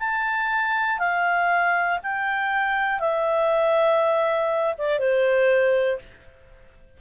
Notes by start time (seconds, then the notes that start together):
0.00 A5
0.99 F5
2.03 G5
3.00 E5
4.78 D5
4.99 C5